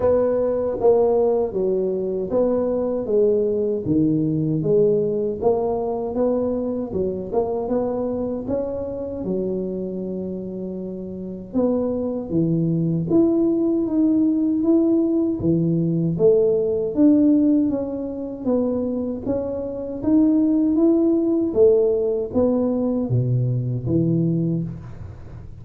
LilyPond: \new Staff \with { instrumentName = "tuba" } { \time 4/4 \tempo 4 = 78 b4 ais4 fis4 b4 | gis4 dis4 gis4 ais4 | b4 fis8 ais8 b4 cis'4 | fis2. b4 |
e4 e'4 dis'4 e'4 | e4 a4 d'4 cis'4 | b4 cis'4 dis'4 e'4 | a4 b4 b,4 e4 | }